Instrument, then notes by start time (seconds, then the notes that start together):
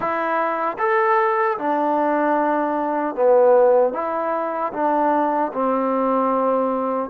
trombone
0.00 E4
0.78 A4
1.58 D4
3.15 B3
3.93 E4
4.73 D4
5.53 C4